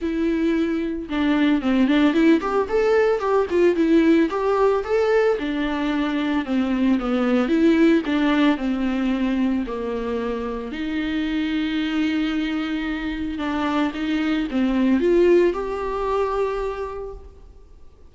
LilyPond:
\new Staff \with { instrumentName = "viola" } { \time 4/4 \tempo 4 = 112 e'2 d'4 c'8 d'8 | e'8 g'8 a'4 g'8 f'8 e'4 | g'4 a'4 d'2 | c'4 b4 e'4 d'4 |
c'2 ais2 | dis'1~ | dis'4 d'4 dis'4 c'4 | f'4 g'2. | }